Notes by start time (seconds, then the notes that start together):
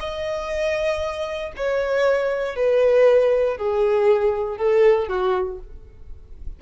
0.00 D#5
1.57 C#5
2.56 B4
3.58 G#4
4.58 A4
5.08 F#4